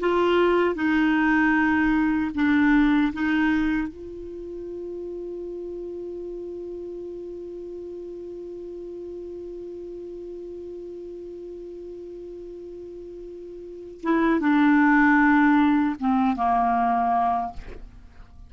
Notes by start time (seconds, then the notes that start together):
0.00 F4
0.75 D#4
2.34 D4
3.13 D#4
3.88 F4
14.03 E4
14.40 D4
15.99 C4
16.36 A#3